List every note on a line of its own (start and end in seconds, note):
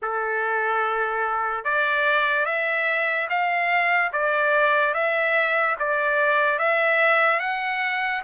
0.02 1.64 A4
1.64 2.45 D5
2.45 3.28 E5
3.29 4.11 F5
4.12 4.94 D5
4.94 5.76 E5
5.79 6.59 D5
6.59 7.39 E5
7.39 8.22 F#5